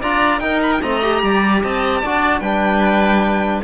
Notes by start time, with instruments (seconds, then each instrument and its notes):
0.00 cello D4, trombone F4, oboe D5, violin A#5
0.39 cello D#4, trombone D#4, oboe A#4, violin G5
0.62 violin B5
0.72 violin G5
0.82 cello A3, trombone C4, oboe D#5, violin A#5
1.02 trombone G4
1.22 cello G3, oboe D5
1.62 cello C4, oboe D#5, violin A5
2.00 cello D4, trombone F#4, oboe D5
2.40 cello G3, trombone D4, oboe B4, violin G5